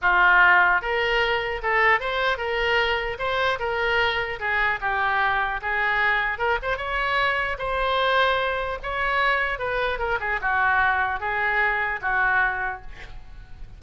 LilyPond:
\new Staff \with { instrumentName = "oboe" } { \time 4/4 \tempo 4 = 150 f'2 ais'2 | a'4 c''4 ais'2 | c''4 ais'2 gis'4 | g'2 gis'2 |
ais'8 c''8 cis''2 c''4~ | c''2 cis''2 | b'4 ais'8 gis'8 fis'2 | gis'2 fis'2 | }